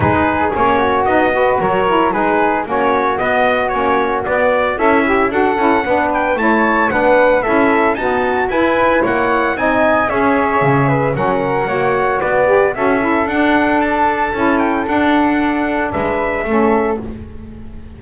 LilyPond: <<
  \new Staff \with { instrumentName = "trumpet" } { \time 4/4 \tempo 4 = 113 b'4 cis''4 dis''4 cis''4 | b'4 cis''4 dis''4 cis''4 | d''4 e''4 fis''4. g''8 | a''4 fis''4 e''4 a''4 |
gis''4 fis''4 gis''4 e''4~ | e''4 fis''2 d''4 | e''4 fis''4 a''4. g''8 | fis''2 e''2 | }
  \new Staff \with { instrumentName = "flute" } { \time 4/4 gis'4. fis'4 b'8 ais'4 | gis'4 fis'2.~ | fis'4 e'4 a'4 b'4 | cis''4 b'4 a'4 fis'4 |
b'4 cis''4 dis''4 cis''4~ | cis''8 b'8 ais'4 cis''4 b'4 | a'1~ | a'2 b'4 a'4 | }
  \new Staff \with { instrumentName = "saxophone" } { \time 4/4 dis'4 cis'4 dis'8 fis'4 e'8 | dis'4 cis'4 b4 cis'4 | b4 a'8 g'8 fis'8 e'8 d'4 | e'4 d'4 e'4 b4 |
e'2 dis'4 gis'4~ | gis'4 cis'4 fis'4. g'8 | fis'8 e'8 d'2 e'4 | d'2. cis'4 | }
  \new Staff \with { instrumentName = "double bass" } { \time 4/4 gis4 ais4 b4 fis4 | gis4 ais4 b4 ais4 | b4 cis'4 d'8 cis'8 b4 | a4 b4 cis'4 dis'4 |
e'4 ais4 c'4 cis'4 | cis4 fis4 ais4 b4 | cis'4 d'2 cis'4 | d'2 gis4 a4 | }
>>